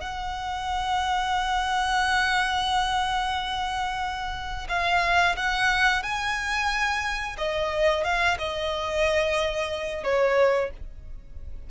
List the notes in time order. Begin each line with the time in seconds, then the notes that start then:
0.00 F#5
4.68 F5
5.36 F#5
6.03 G#5
7.37 D#5
8.04 F5
8.38 D#5
10.03 C#5